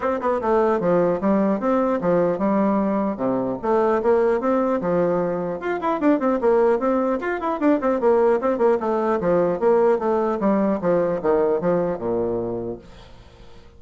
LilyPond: \new Staff \with { instrumentName = "bassoon" } { \time 4/4 \tempo 4 = 150 c'8 b8 a4 f4 g4 | c'4 f4 g2 | c4 a4 ais4 c'4 | f2 f'8 e'8 d'8 c'8 |
ais4 c'4 f'8 e'8 d'8 c'8 | ais4 c'8 ais8 a4 f4 | ais4 a4 g4 f4 | dis4 f4 ais,2 | }